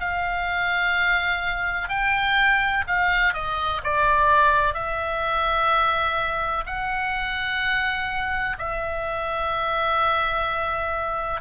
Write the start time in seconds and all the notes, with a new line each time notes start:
0.00 F5
1.89 G5
2.87 F5
3.33 D#5
3.84 D5
4.74 E5
6.66 F#5
8.58 E5